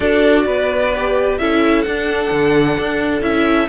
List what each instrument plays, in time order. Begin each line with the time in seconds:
0.00 cello D4, viola F#4, violin A4 D5
0.46 cello B3, violin B4
0.94 viola G4
1.38 cello C#4, viola E4, violin A4 E5
1.82 cello D4, viola D4, violin F#5
2.31 cello D3
2.78 cello D4
3.21 cello C#4, viola E4, violin E5